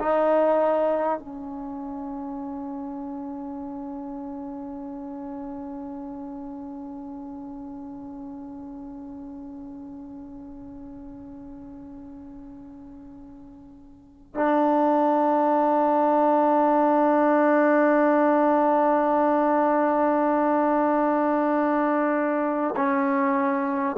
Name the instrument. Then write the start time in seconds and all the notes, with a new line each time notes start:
trombone
0.00 D#4
1.19 C#4
14.35 D4
22.77 C#4